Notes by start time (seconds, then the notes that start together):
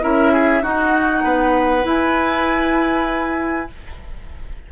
0.00 C#4 E4 A#4 E5
0.33 G#4
0.62 D#4 F#4 F#5
1.23 B3 B4
1.83 E4 G#5